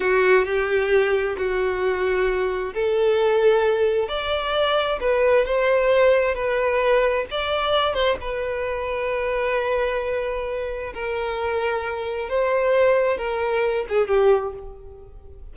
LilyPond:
\new Staff \with { instrumentName = "violin" } { \time 4/4 \tempo 4 = 132 fis'4 g'2 fis'4~ | fis'2 a'2~ | a'4 d''2 b'4 | c''2 b'2 |
d''4. c''8 b'2~ | b'1 | ais'2. c''4~ | c''4 ais'4. gis'8 g'4 | }